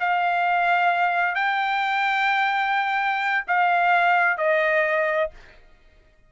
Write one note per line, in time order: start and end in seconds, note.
0.00 1.35 F5
1.35 3.45 G5
3.47 4.38 F5
4.38 5.31 D#5